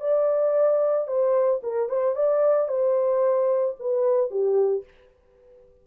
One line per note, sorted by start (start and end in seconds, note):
0.00 1.07 D5
1.07 1.61 C5
1.63 1.89 A#4
1.89 2.15 C5
2.15 2.68 D5
2.68 3.75 C5
3.79 4.30 B4
4.30 4.84 G4